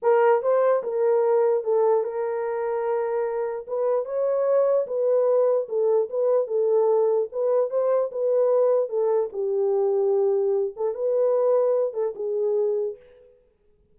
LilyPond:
\new Staff \with { instrumentName = "horn" } { \time 4/4 \tempo 4 = 148 ais'4 c''4 ais'2 | a'4 ais'2.~ | ais'4 b'4 cis''2 | b'2 a'4 b'4 |
a'2 b'4 c''4 | b'2 a'4 g'4~ | g'2~ g'8 a'8 b'4~ | b'4. a'8 gis'2 | }